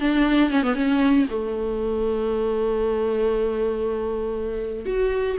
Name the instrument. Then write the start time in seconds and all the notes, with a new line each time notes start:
viola
0.00 D4
0.50 C#4
0.62 B3
0.75 C#4
1.29 A3
4.85 F#4